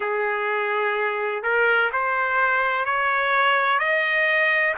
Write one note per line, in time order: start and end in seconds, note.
0.00 1.42 G#4
1.42 1.90 A#4
1.92 2.85 C5
2.85 3.79 C#5
3.79 4.74 D#5